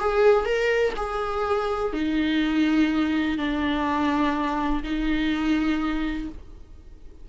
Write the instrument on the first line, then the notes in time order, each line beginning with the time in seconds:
viola
0.00 G#4
0.45 A#4
0.96 G#4
1.93 D#4
3.38 D4
4.83 D#4